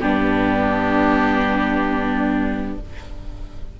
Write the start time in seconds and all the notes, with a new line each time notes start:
0.00 G2 B3 D4 G4